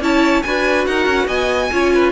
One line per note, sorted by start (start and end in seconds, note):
0.00 0.42 C#4
0.00 0.43 E4
0.00 0.44 C#5
0.00 0.42 A5
0.42 0.87 D4
0.42 1.71 F#4
0.42 0.88 B4
0.42 0.85 G#5
0.86 1.06 D#4
0.86 1.26 A#4
0.86 1.27 F#5
1.06 1.27 C#4
1.26 1.70 B3
1.26 1.69 D#5
1.26 2.12 G#5
1.72 2.12 C#4
1.72 2.12 F4
1.72 1.93 C#5
1.94 2.12 B4